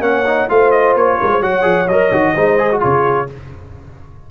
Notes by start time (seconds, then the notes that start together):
0.00 A#3 C#4 C#5 F#5
0.26 D#4
0.49 A3 F4 C5 F5
0.71 D#5
0.95 A#3 C#5
1.20 G#3 A#4
1.31 C5
1.41 F#3 F#4 C#5 F#5
1.62 F3 G#4
1.87 F#3 A#4 D#5
2.12 D#3 F#4
2.33 G#3 D#4 C5
2.59 G#4
2.72 F#4
2.80 C#3 F4 G#4 C#5